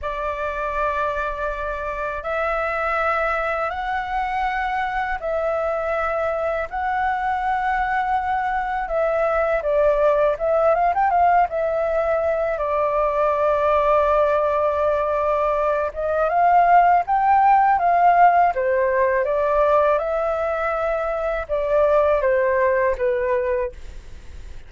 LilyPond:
\new Staff \with { instrumentName = "flute" } { \time 4/4 \tempo 4 = 81 d''2. e''4~ | e''4 fis''2 e''4~ | e''4 fis''2. | e''4 d''4 e''8 f''16 g''16 f''8 e''8~ |
e''4 d''2.~ | d''4. dis''8 f''4 g''4 | f''4 c''4 d''4 e''4~ | e''4 d''4 c''4 b'4 | }